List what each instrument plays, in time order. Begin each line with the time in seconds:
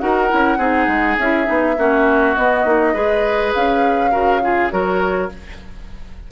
0.00 bassoon D#4, clarinet F#4, oboe A#4, flute F#5
0.29 bassoon C#4, clarinet E4
0.58 bassoon C4, clarinet D#4, oboe G#4
0.88 bassoon G#3
1.18 bassoon C#4, clarinet E4, flute E5
1.45 bassoon B3, clarinet D#4
1.78 bassoon A#3, clarinet C#4, oboe F#4
2.35 clarinet B3, bassoon B3, flute D#5
2.65 bassoon A#3, clarinet D#4
2.94 bassoon G#3, clarinet G#4, oboe B4
3.54 bassoon C#4, flute F5
4.12 bassoon C#3, clarinet F#4, oboe A#4
4.43 clarinet F4, oboe G#4
4.70 bassoon F#3, clarinet F#4, oboe A#4, flute C#5